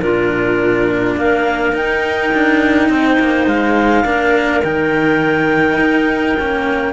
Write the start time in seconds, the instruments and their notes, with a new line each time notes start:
0.00 cello A#2 D4, clarinet F4 A#4
1.16 cello A#3, clarinet A#4 F5
1.73 cello D#4, clarinet G5
2.34 cello D4
2.89 cello C4, clarinet C5
3.19 cello A#3
3.47 cello G#3, clarinet F5
4.04 cello A#3 D4, clarinet A#4
4.63 cello D#3 D#4, clarinet G5
5.78 cello D#4
6.39 cello A#3 C#4